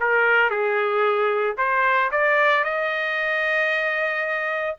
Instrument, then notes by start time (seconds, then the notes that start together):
trumpet
0.00 A#4
0.50 G#4
1.57 C5
2.11 D5
2.64 D#5